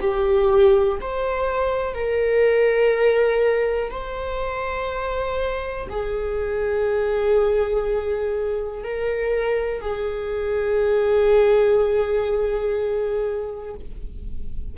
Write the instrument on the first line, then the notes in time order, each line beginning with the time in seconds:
viola
0.00 G4
1.01 C5
1.94 A#4
3.91 C5
5.90 G#4
8.84 A#4
9.81 G#4